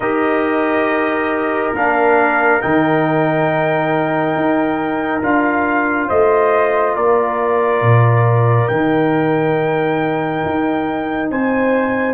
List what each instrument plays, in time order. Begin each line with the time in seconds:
0.00 tuba D#4, trombone G4, horn A#4, trumpet D#5
1.74 tuba A#3, trombone D4, trumpet F5
2.61 tuba D#3, trombone D#4, trumpet G5
4.35 tuba D#4
5.22 tuba D4, trombone F4, trumpet F5
6.08 tuba A3, horn C5, trumpet D#5
6.95 tuba A#3, horn A#4, trumpet D5
7.81 tuba A#2
8.68 tuba D#3, trombone D#4, trumpet G5
10.45 tuba D#4
11.30 tuba C4, horn C5, trumpet G#5